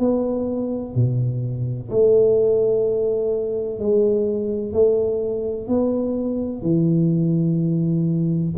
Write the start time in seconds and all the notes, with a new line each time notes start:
0.00 B3
0.95 B2
1.91 A3
3.80 G#3
4.73 A3
5.68 B3
6.62 E3